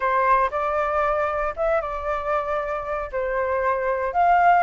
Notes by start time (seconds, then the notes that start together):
0.00 C5
0.50 D5
1.56 E5
1.81 D5
3.12 C5
4.13 F5